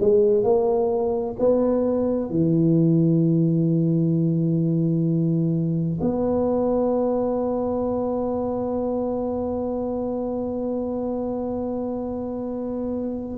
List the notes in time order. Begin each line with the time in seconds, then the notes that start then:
0.00 G#3
0.44 A#3
1.39 B3
2.30 E3
6.00 B3